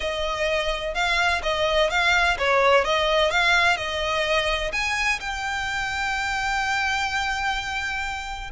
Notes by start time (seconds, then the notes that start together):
0.00 D#5
0.94 F5
1.42 D#5
1.90 F5
2.38 C#5
2.84 D#5
3.30 F5
3.77 D#5
4.72 G#5
5.20 G5